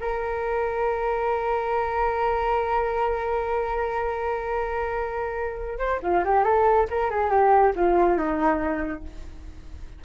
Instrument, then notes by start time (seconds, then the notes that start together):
flute
0.00 A#4
5.78 C5
6.02 F4
6.24 G4
6.44 A4
6.90 A#4
7.10 G#4
7.30 G4
7.75 F4
8.17 D#4